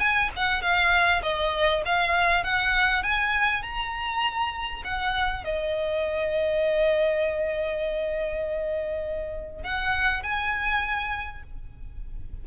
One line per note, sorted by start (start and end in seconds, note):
0.00 0.30 G#5
0.36 0.62 F#5
0.62 1.22 F5
1.23 1.83 D#5
1.85 2.44 F5
2.44 3.03 F#5
3.03 3.63 G#5
3.63 4.83 A#5
4.84 5.44 F#5
5.44 9.64 D#5
9.64 10.23 F#5
10.23 11.43 G#5